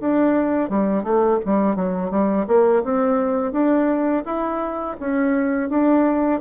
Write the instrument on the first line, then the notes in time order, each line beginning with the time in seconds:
bassoon
0.00 D4
0.70 G3
1.04 A3
1.45 G3
1.76 F#3
2.11 G3
2.47 A#3
2.84 C4
3.52 D4
4.25 E4
5.00 C#4
5.70 D4